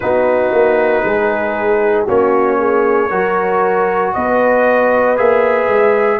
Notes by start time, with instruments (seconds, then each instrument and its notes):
0.00 tuba B3, trombone D#4, horn F#4, trumpet B4
0.52 tuba A#3
1.04 tuba G#3, horn G#4
2.05 tuba A#3, trombone C#4, horn F#4, trumpet C#5
2.59 horn G#4
3.09 tuba F#3, trombone F#4, horn A#4
4.13 tuba B3, horn B4, trumpet D#5
5.16 tuba A#3, trombone G#4, trumpet E5
5.68 tuba G#3